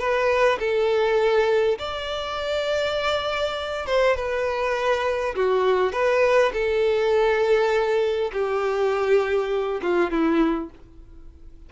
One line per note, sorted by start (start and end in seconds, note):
0.00 0.59 B4
0.60 1.78 A4
1.79 3.87 D5
3.87 4.17 C5
4.17 5.35 B4
5.36 5.93 F#4
5.93 6.53 B4
6.54 8.32 A4
8.33 9.82 G4
9.83 10.11 F4
10.11 10.70 E4